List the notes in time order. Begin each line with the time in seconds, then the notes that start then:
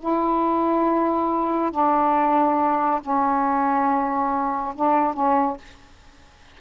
0.00 E4
1.72 D4
3.02 C#4
4.76 D4
5.14 C#4